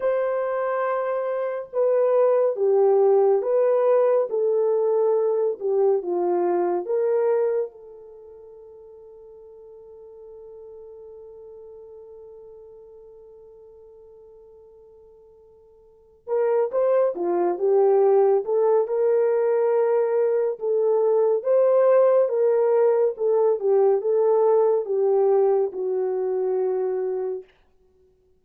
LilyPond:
\new Staff \with { instrumentName = "horn" } { \time 4/4 \tempo 4 = 70 c''2 b'4 g'4 | b'4 a'4. g'8 f'4 | ais'4 a'2.~ | a'1~ |
a'2. ais'8 c''8 | f'8 g'4 a'8 ais'2 | a'4 c''4 ais'4 a'8 g'8 | a'4 g'4 fis'2 | }